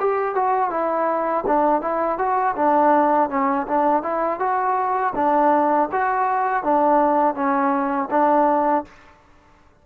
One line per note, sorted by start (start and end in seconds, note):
0.00 0.35 G4
0.35 0.70 F#4
0.70 1.44 E4
1.47 1.81 D4
1.81 2.18 E4
2.18 2.55 F#4
2.56 3.30 D4
3.30 3.67 C#4
3.68 4.02 D4
4.02 4.39 E4
4.39 5.13 F#4
5.15 5.90 D4
5.92 6.64 F#4
6.64 7.35 D4
7.35 8.09 C#4
8.11 8.85 D4